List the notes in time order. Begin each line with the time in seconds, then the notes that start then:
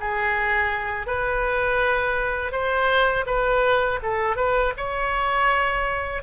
0.00 G#4
1.06 B4
2.51 C5
3.26 B4
4.02 A4
4.36 B4
4.77 C#5